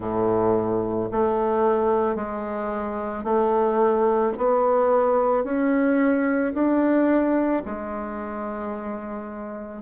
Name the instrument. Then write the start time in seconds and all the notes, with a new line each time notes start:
bassoon
0.00 A2
1.12 A3
2.15 G#3
3.23 A3
4.37 B3
5.43 C#4
6.54 D4
7.65 G#3